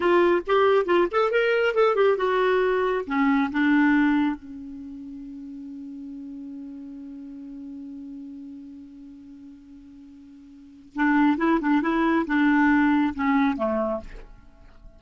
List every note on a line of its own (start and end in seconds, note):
0.00 0.42 F4
0.46 0.85 G4
0.85 1.07 F4
1.11 1.31 A4
1.31 1.74 A#4
1.74 1.95 A4
1.95 2.17 G4
2.17 3.05 F#4
3.06 3.50 C#4
3.51 4.35 D4
4.35 10.92 C#4
10.95 11.37 D4
11.37 11.59 E4
11.61 11.81 D4
11.81 12.25 E4
12.26 13.14 D4
13.14 13.56 C#4
13.56 14.00 A3